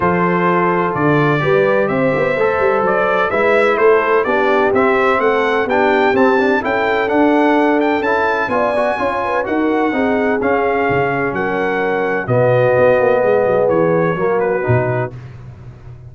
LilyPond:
<<
  \new Staff \with { instrumentName = "trumpet" } { \time 4/4 \tempo 4 = 127 c''2 d''2 | e''2 d''4 e''4 | c''4 d''4 e''4 fis''4 | g''4 a''4 g''4 fis''4~ |
fis''8 g''8 a''4 gis''2 | fis''2 f''2 | fis''2 dis''2~ | dis''4 cis''4. b'4. | }
  \new Staff \with { instrumentName = "horn" } { \time 4/4 a'2. b'4 | c''2. b'4 | a'4 g'2 a'4 | g'2 a'2~ |
a'2 d''4 cis''8 b'8 | ais'4 gis'2. | ais'2 fis'2 | gis'2 fis'2 | }
  \new Staff \with { instrumentName = "trombone" } { \time 4/4 f'2. g'4~ | g'4 a'2 e'4~ | e'4 d'4 c'2 | d'4 c'8 d'8 e'4 d'4~ |
d'4 e'4 f'8 fis'8 f'4 | fis'4 dis'4 cis'2~ | cis'2 b2~ | b2 ais4 dis'4 | }
  \new Staff \with { instrumentName = "tuba" } { \time 4/4 f2 d4 g4 | c'8 b8 a8 g8 fis4 gis4 | a4 b4 c'4 a4 | b4 c'4 cis'4 d'4~ |
d'4 cis'4 b4 cis'4 | dis'4 c'4 cis'4 cis4 | fis2 b,4 b8 ais8 | gis8 fis8 e4 fis4 b,4 | }
>>